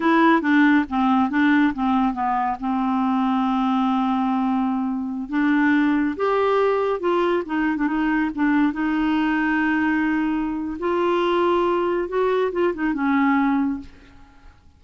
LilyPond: \new Staff \with { instrumentName = "clarinet" } { \time 4/4 \tempo 4 = 139 e'4 d'4 c'4 d'4 | c'4 b4 c'2~ | c'1~ | c'16 d'2 g'4.~ g'16~ |
g'16 f'4 dis'8. d'16 dis'4 d'8.~ | d'16 dis'2.~ dis'8.~ | dis'4 f'2. | fis'4 f'8 dis'8 cis'2 | }